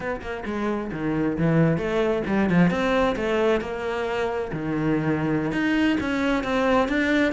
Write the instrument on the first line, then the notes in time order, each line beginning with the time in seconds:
cello
0.00 B3
0.21 A#3
0.45 G#3
0.92 D#3
1.38 E3
1.77 A3
2.27 G3
2.49 F3
2.70 C4
3.16 A3
3.60 A#3
4.52 D#3
5.52 D#4
6.00 C#4
6.43 C4
6.88 D4